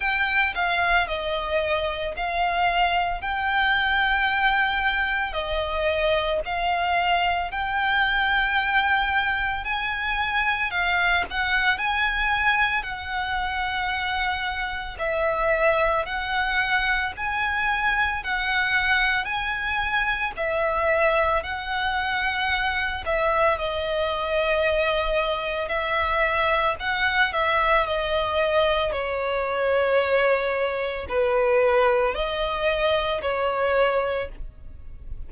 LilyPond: \new Staff \with { instrumentName = "violin" } { \time 4/4 \tempo 4 = 56 g''8 f''8 dis''4 f''4 g''4~ | g''4 dis''4 f''4 g''4~ | g''4 gis''4 f''8 fis''8 gis''4 | fis''2 e''4 fis''4 |
gis''4 fis''4 gis''4 e''4 | fis''4. e''8 dis''2 | e''4 fis''8 e''8 dis''4 cis''4~ | cis''4 b'4 dis''4 cis''4 | }